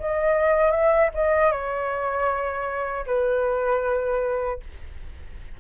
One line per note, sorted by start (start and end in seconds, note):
0.00 0.72 D#5
0.72 1.10 E5
1.15 1.52 D#5
1.52 3.06 C#5
3.07 4.60 B4